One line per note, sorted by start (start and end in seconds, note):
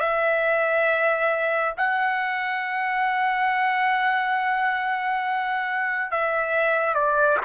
0.00 1.74 E5
1.77 6.11 F#5
6.11 6.94 E5
6.94 7.38 D5